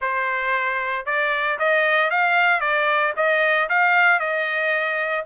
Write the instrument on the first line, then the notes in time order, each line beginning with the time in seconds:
trumpet
0.01 C5
1.05 D5
1.59 D#5
2.10 F5
2.60 D5
3.16 D#5
3.69 F5
4.19 D#5